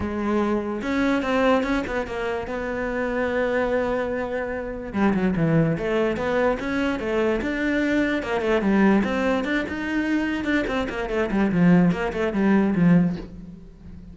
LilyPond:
\new Staff \with { instrumentName = "cello" } { \time 4/4 \tempo 4 = 146 gis2 cis'4 c'4 | cis'8 b8 ais4 b2~ | b1 | g8 fis8 e4 a4 b4 |
cis'4 a4 d'2 | ais8 a8 g4 c'4 d'8 dis'8~ | dis'4. d'8 c'8 ais8 a8 g8 | f4 ais8 a8 g4 f4 | }